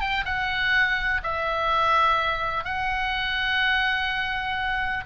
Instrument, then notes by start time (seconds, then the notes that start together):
oboe
0.00 G5
0.25 F#5
1.23 E5
2.64 F#5